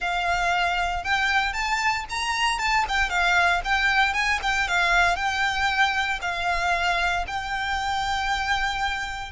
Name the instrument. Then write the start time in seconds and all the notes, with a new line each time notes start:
violin
0.00 F5
1.04 G5
1.53 A5
2.09 A#5
2.59 A5
2.88 G5
3.09 F5
3.64 G5
4.13 G#5
4.42 G5
4.67 F5
5.16 G5
6.21 F5
7.27 G5